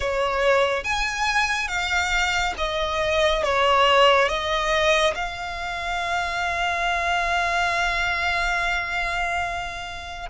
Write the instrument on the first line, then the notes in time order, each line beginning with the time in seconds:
violin
0.00 C#5
0.84 G#5
1.68 F5
2.57 D#5
3.43 C#5
4.28 D#5
5.14 F5